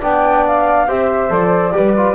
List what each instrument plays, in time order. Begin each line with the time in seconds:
0.00 double bass B3, trombone D4, flute D5 G5
0.47 flute F5
0.88 double bass C4, trombone G4, flute C5 E5
1.30 double bass F3, trombone A4, flute D5
1.72 double bass G3, trombone G4, flute B4
1.97 trombone F4